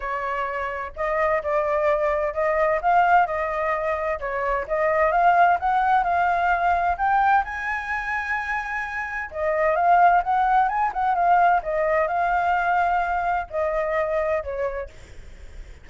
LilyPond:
\new Staff \with { instrumentName = "flute" } { \time 4/4 \tempo 4 = 129 cis''2 dis''4 d''4~ | d''4 dis''4 f''4 dis''4~ | dis''4 cis''4 dis''4 f''4 | fis''4 f''2 g''4 |
gis''1 | dis''4 f''4 fis''4 gis''8 fis''8 | f''4 dis''4 f''2~ | f''4 dis''2 cis''4 | }